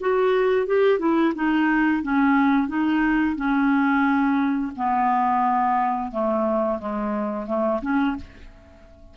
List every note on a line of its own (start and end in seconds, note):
0.00 0.67 F#4
0.67 0.99 G4
0.99 1.33 E4
1.35 2.02 D#4
2.02 2.67 C#4
2.67 3.36 D#4
3.36 4.72 C#4
4.76 6.11 B3
6.11 6.79 A3
6.79 7.47 G#3
7.47 7.81 A3
7.82 8.16 C#4